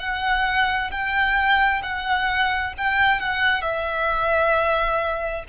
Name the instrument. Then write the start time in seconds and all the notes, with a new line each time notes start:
violin
0.00 F#5
0.91 G5
1.83 F#5
2.78 G5
3.20 F#5
3.62 E5